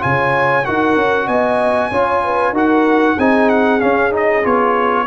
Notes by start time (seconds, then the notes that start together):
0.00 C#3 F4 C#5 G#5
0.66 D#4 F#4 A#4 F#5
0.97 C#4
1.27 B3 D#5 G#5
1.91 C#4 F4 C#5
2.24 B4
2.53 D#4 F#4 A#4 F#5
3.17 C4 D#4 G#4 G#5
3.49 F#5
3.81 C#4 F5
4.11 D#4 D#5
4.43 B3 F4 C#5